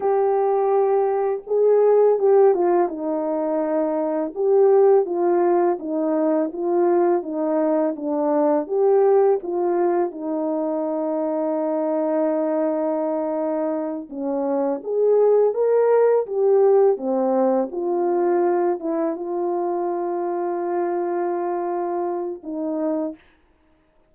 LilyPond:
\new Staff \with { instrumentName = "horn" } { \time 4/4 \tempo 4 = 83 g'2 gis'4 g'8 f'8 | dis'2 g'4 f'4 | dis'4 f'4 dis'4 d'4 | g'4 f'4 dis'2~ |
dis'2.~ dis'8 cis'8~ | cis'8 gis'4 ais'4 g'4 c'8~ | c'8 f'4. e'8 f'4.~ | f'2. dis'4 | }